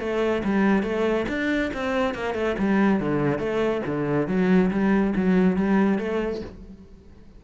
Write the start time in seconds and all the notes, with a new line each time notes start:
0.00 A3
0.44 G3
0.83 A3
1.29 D4
1.74 C4
2.14 A#3
2.35 A3
2.59 G3
3.00 D3
3.39 A3
3.86 D3
4.28 F#3
4.71 G3
5.16 F#3
5.57 G3
5.99 A3